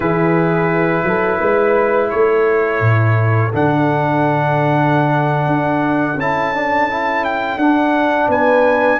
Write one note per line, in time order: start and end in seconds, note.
0.00 1.03 E3
0.00 3.52 E4
0.00 1.06 G#4
0.00 2.10 B4
1.03 1.38 F#3
1.03 1.39 A4
1.39 2.12 G#3
1.39 2.09 B4
2.09 2.80 A3
2.09 8.27 A4
2.09 3.51 C#5
2.80 3.51 A2
3.52 5.46 D3
3.52 6.17 D4
3.52 6.20 F#5
5.46 6.16 D4
6.16 7.56 C#4
6.16 6.54 E4
6.16 7.24 A5
6.54 6.89 D4
6.89 7.59 E4
7.24 7.58 G5
7.56 8.27 D4
7.56 8.99 D4
7.56 8.29 F#5
8.28 8.98 B3
8.28 8.99 B4
8.28 8.99 G#5